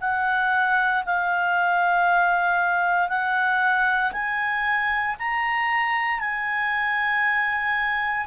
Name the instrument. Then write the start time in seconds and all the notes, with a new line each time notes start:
clarinet
0.00 F#5
1.05 F5
3.08 F#5
4.12 G#5
5.19 A#5
6.20 G#5